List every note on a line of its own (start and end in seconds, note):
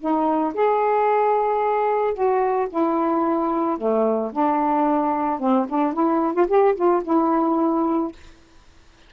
0.00 0.54 D#4
0.54 2.14 G#4
2.14 2.69 F#4
2.70 3.78 E4
3.78 4.32 A3
4.33 5.40 D4
5.40 5.67 C4
5.69 5.94 D4
5.94 6.33 E4
6.33 6.47 F4
6.48 6.75 G4
6.76 7.03 F4
7.04 8.13 E4